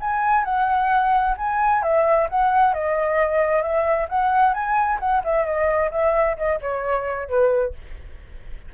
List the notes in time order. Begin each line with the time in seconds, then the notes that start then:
0.00 G#5
0.44 F#5
1.37 G#5
1.82 E5
2.29 F#5
2.74 D#5
3.62 E5
4.09 F#5
4.54 G#5
5.00 F#5
5.24 E5
5.45 D#5
5.91 E5
6.37 D#5
6.61 C#5
7.29 B4